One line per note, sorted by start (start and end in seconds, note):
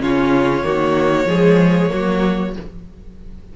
0.00 0.63 C#3
0.00 0.63 C#4
0.00 0.65 F4
0.00 2.55 C#5
0.64 1.26 D#3
0.64 1.27 A#3
0.64 1.28 F#4
1.26 1.89 F3
1.26 1.90 G#3
1.26 1.91 G#4
1.90 2.56 F#3
1.90 2.53 A#3
1.90 2.56 F#4